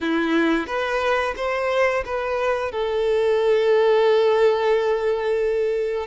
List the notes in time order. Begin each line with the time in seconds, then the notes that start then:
0.00 E4
0.66 B4
1.36 C5
2.05 B4
2.72 A4